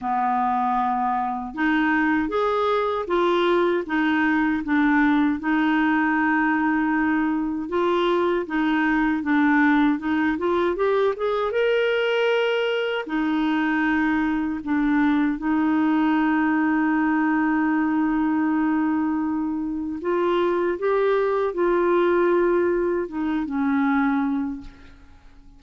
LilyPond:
\new Staff \with { instrumentName = "clarinet" } { \time 4/4 \tempo 4 = 78 b2 dis'4 gis'4 | f'4 dis'4 d'4 dis'4~ | dis'2 f'4 dis'4 | d'4 dis'8 f'8 g'8 gis'8 ais'4~ |
ais'4 dis'2 d'4 | dis'1~ | dis'2 f'4 g'4 | f'2 dis'8 cis'4. | }